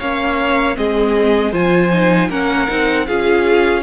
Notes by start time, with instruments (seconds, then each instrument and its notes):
0.00 cello A#3, viola C#4, violin C#5 F5
0.75 cello G#3, viola C4, violin G#4 D#5
1.52 cello F3, viola F4, violin C5 G#5
1.93 viola D#4
2.30 cello A#3, viola C#4, violin A#4 F#5
2.68 cello C4, viola D#4
3.07 cello C#4, viola F4, violin G#4 F5